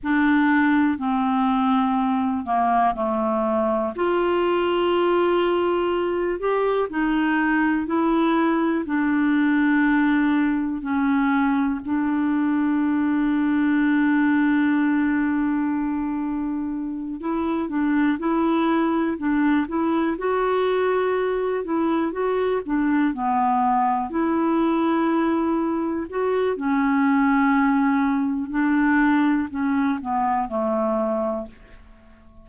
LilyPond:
\new Staff \with { instrumentName = "clarinet" } { \time 4/4 \tempo 4 = 61 d'4 c'4. ais8 a4 | f'2~ f'8 g'8 dis'4 | e'4 d'2 cis'4 | d'1~ |
d'4. e'8 d'8 e'4 d'8 | e'8 fis'4. e'8 fis'8 d'8 b8~ | b8 e'2 fis'8 cis'4~ | cis'4 d'4 cis'8 b8 a4 | }